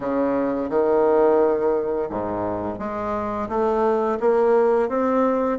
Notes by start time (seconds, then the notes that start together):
0.00 C#3
0.69 D#3
2.09 G#2
2.78 G#3
3.49 A3
4.20 A#3
4.88 C4